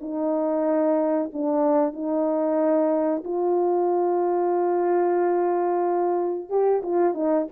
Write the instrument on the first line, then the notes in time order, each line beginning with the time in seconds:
horn
0.00 D#4
1.33 D4
1.92 D#4
3.24 F4
6.49 G4
6.82 F4
7.14 D#4